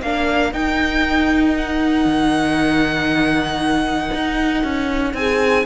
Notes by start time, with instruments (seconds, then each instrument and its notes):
0.00 cello A#3, viola D4, horn A#4, violin F5
0.52 viola D#4, cello D#4, violin G5
1.56 violin F#5
2.05 cello D#3
4.13 cello D#4
4.63 cello C#4
5.13 cello C4, horn G#4, violin G#5